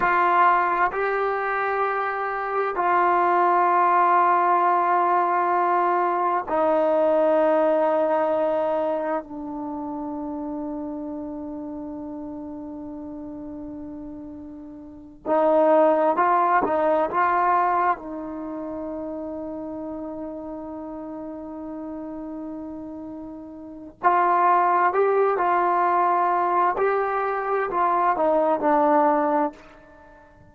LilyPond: \new Staff \with { instrumentName = "trombone" } { \time 4/4 \tempo 4 = 65 f'4 g'2 f'4~ | f'2. dis'4~ | dis'2 d'2~ | d'1~ |
d'8 dis'4 f'8 dis'8 f'4 dis'8~ | dis'1~ | dis'2 f'4 g'8 f'8~ | f'4 g'4 f'8 dis'8 d'4 | }